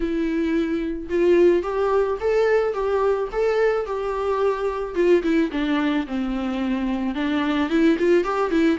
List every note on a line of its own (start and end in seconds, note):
0.00 1.08 E4
1.09 1.62 F4
1.62 2.17 G4
2.20 2.73 A4
2.73 3.28 G4
3.32 3.86 A4
3.86 4.94 G4
4.94 5.22 F4
5.22 5.50 E4
5.51 6.06 D4
6.07 7.14 C4
7.14 7.69 D4
7.69 7.97 E4
7.98 8.24 F4
8.24 8.50 G4
8.50 8.78 E4